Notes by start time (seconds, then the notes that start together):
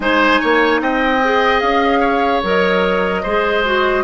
0.00 G#3 D#4 C5 G#5
0.40 A#3 C#5
0.80 C4 D#5 G5
1.23 G#4
1.60 C#4 F5
1.99 C#5
2.43 F#3 A#4 D#5
3.22 G#3 G#4 C5
3.64 F#4